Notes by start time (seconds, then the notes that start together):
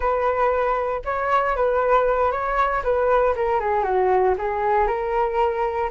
0.00 B4
1.04 C#5
1.55 B4
2.31 C#5
2.83 B4
3.35 A#4
3.59 G#4
3.83 F#4
4.38 G#4
4.87 A#4